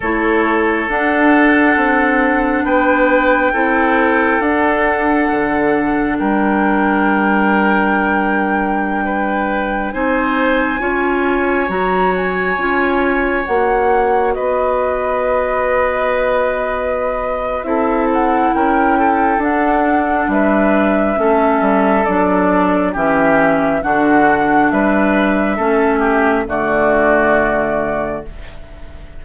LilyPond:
<<
  \new Staff \with { instrumentName = "flute" } { \time 4/4 \tempo 4 = 68 cis''4 fis''2 g''4~ | g''4 fis''2 g''4~ | g''2.~ g''16 gis''8.~ | gis''4~ gis''16 ais''8 gis''4. fis''8.~ |
fis''16 dis''2.~ dis''8. | e''8 fis''8 g''4 fis''4 e''4~ | e''4 d''4 e''4 fis''4 | e''2 d''2 | }
  \new Staff \with { instrumentName = "oboe" } { \time 4/4 a'2. b'4 | a'2. ais'4~ | ais'2~ ais'16 b'4 c''8.~ | c''16 cis''2.~ cis''8.~ |
cis''16 b'2.~ b'8. | a'4 ais'8 a'4. b'4 | a'2 g'4 fis'4 | b'4 a'8 g'8 fis'2 | }
  \new Staff \with { instrumentName = "clarinet" } { \time 4/4 e'4 d'2. | e'4 d'2.~ | d'2.~ d'16 dis'8.~ | dis'16 f'4 fis'4 f'4 fis'8.~ |
fis'1 | e'2 d'2 | cis'4 d'4 cis'4 d'4~ | d'4 cis'4 a2 | }
  \new Staff \with { instrumentName = "bassoon" } { \time 4/4 a4 d'4 c'4 b4 | c'4 d'4 d4 g4~ | g2.~ g16 c'8.~ | c'16 cis'4 fis4 cis'4 ais8.~ |
ais16 b2.~ b8. | c'4 cis'4 d'4 g4 | a8 g8 fis4 e4 d4 | g4 a4 d2 | }
>>